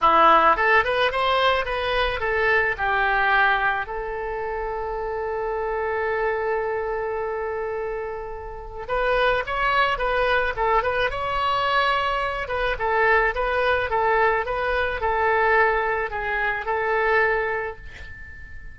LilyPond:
\new Staff \with { instrumentName = "oboe" } { \time 4/4 \tempo 4 = 108 e'4 a'8 b'8 c''4 b'4 | a'4 g'2 a'4~ | a'1~ | a'1 |
b'4 cis''4 b'4 a'8 b'8 | cis''2~ cis''8 b'8 a'4 | b'4 a'4 b'4 a'4~ | a'4 gis'4 a'2 | }